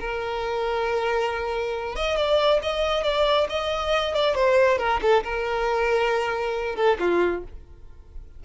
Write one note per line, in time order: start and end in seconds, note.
0.00 1.96 A#4
1.96 2.17 D#5
2.17 2.60 D5
2.62 3.04 D#5
3.04 3.47 D5
3.50 4.15 D#5
4.15 4.35 D5
4.35 4.78 C5
4.78 5.00 A#4
5.02 5.24 A4
5.24 6.76 A#4
6.76 6.98 A4
7.00 7.43 F4